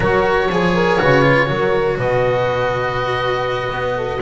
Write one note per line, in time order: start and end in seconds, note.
0.00 0.49 F#3
0.00 0.49 F#4
0.00 0.50 A#4
0.00 1.97 C#5
0.49 0.99 F3
0.49 0.99 G#4
0.49 0.74 G#4
0.74 0.99 A#4
0.99 1.49 C#3
0.99 1.22 F#4
0.99 1.48 B4
1.22 1.46 F4
1.46 1.98 F#3
1.46 4.19 F#4
1.46 1.97 A#4
1.97 3.70 B2
1.97 3.95 B4
1.97 4.21 D#5
3.70 4.20 B3
3.96 4.21 A4